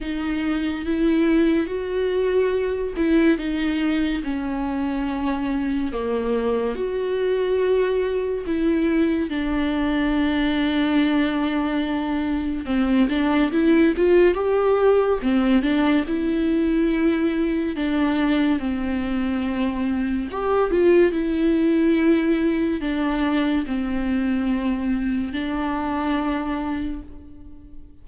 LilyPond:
\new Staff \with { instrumentName = "viola" } { \time 4/4 \tempo 4 = 71 dis'4 e'4 fis'4. e'8 | dis'4 cis'2 ais4 | fis'2 e'4 d'4~ | d'2. c'8 d'8 |
e'8 f'8 g'4 c'8 d'8 e'4~ | e'4 d'4 c'2 | g'8 f'8 e'2 d'4 | c'2 d'2 | }